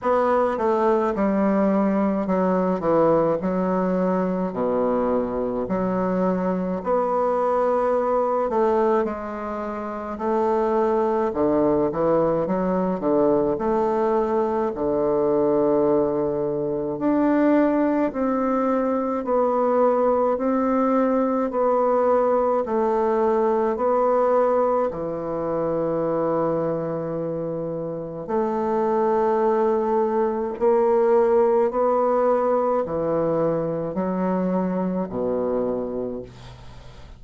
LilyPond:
\new Staff \with { instrumentName = "bassoon" } { \time 4/4 \tempo 4 = 53 b8 a8 g4 fis8 e8 fis4 | b,4 fis4 b4. a8 | gis4 a4 d8 e8 fis8 d8 | a4 d2 d'4 |
c'4 b4 c'4 b4 | a4 b4 e2~ | e4 a2 ais4 | b4 e4 fis4 b,4 | }